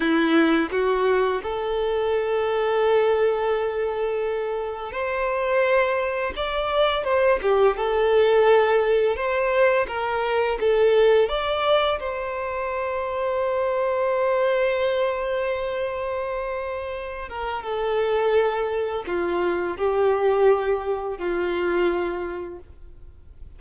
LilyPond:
\new Staff \with { instrumentName = "violin" } { \time 4/4 \tempo 4 = 85 e'4 fis'4 a'2~ | a'2. c''4~ | c''4 d''4 c''8 g'8 a'4~ | a'4 c''4 ais'4 a'4 |
d''4 c''2.~ | c''1~ | c''8 ais'8 a'2 f'4 | g'2 f'2 | }